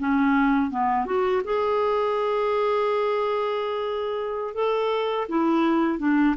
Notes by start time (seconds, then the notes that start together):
0.00 C#4
0.71 B3
1.06 F#4
1.44 G#4
4.54 A4
5.29 E4
5.99 D4